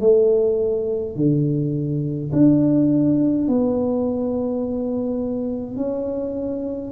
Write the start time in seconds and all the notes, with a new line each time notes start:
0.00 A3
1.15 D3
2.32 D4
3.48 B3
5.76 C#4